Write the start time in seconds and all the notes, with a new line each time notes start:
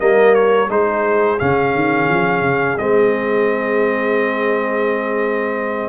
0.00 G3 A#3 A#4 D#5
0.35 C#5
0.69 G#3 D#4 G#4 C5
1.39 C#3 C#4 F5
1.75 D#3
2.09 F3
2.42 C#3
2.78 G#3 C4 D#5